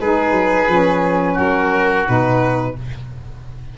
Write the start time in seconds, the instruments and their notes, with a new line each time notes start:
0.00 tuba G#3, saxophone D#4, oboe G#4, violin B4
0.32 tuba F#3
0.68 tuba F3, saxophone C#4
1.34 tuba F#3, oboe F#4, violin A#4
2.07 tuba B2, saxophone D#4, violin B4